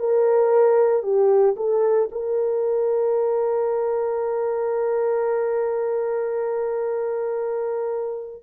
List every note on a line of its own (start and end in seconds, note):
0.00 1.03 A#4
1.03 1.56 G4
1.57 2.10 A4
2.12 8.44 A#4